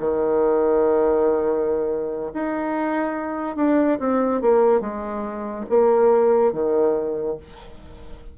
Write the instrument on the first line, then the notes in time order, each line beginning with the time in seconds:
bassoon
0.00 D#3
2.34 D#4
3.56 D4
3.99 C4
4.42 A#3
4.81 G#3
5.70 A#3
6.53 D#3